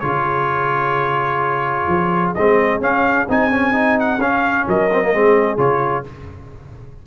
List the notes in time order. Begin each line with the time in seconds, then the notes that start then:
0.00 C#3 F4 G#4 C#5
1.88 F3
2.35 G#3 C4 D#5
2.81 C#4 F5
3.30 C4 D#4 G#5
3.51 C#4
3.73 D#4
4.00 F#5
4.18 C#4 F5
4.68 F#3 A#4 D#5
4.93 C4
5.03 A#3
5.14 G#3 C4 G#4
5.58 C#3 F4 C#5